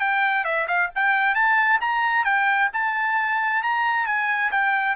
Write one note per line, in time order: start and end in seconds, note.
0.00 0.45 G5
0.45 0.67 E5
0.68 0.90 F5
0.95 1.35 G5
1.35 1.80 A5
1.81 2.24 A#5
2.24 2.69 G5
2.73 3.63 A5
3.63 4.06 A#5
4.06 4.51 G#5
4.51 4.96 G5